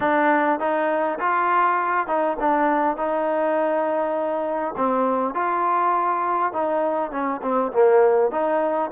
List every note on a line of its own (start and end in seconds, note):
0.00 0.59 D4
0.59 1.19 D#4
1.19 2.07 F4
2.07 2.37 D#4
2.40 2.96 D4
2.96 4.74 D#4
4.76 5.34 C4
5.34 6.53 F4
6.53 7.11 D#4
7.11 7.41 C#4
7.42 7.71 C4
7.72 8.31 A#3
8.31 8.90 D#4